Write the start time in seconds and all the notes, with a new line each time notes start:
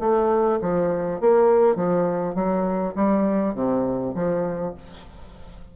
0.00 A3
0.62 F3
1.21 A#3
1.76 F3
2.35 F#3
2.96 G3
3.55 C3
4.15 F3